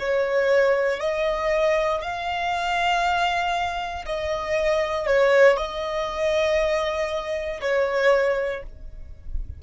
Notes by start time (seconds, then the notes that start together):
0.00 C#5
1.01 D#5
2.02 F5
4.06 D#5
5.07 C#5
5.57 D#5
7.61 C#5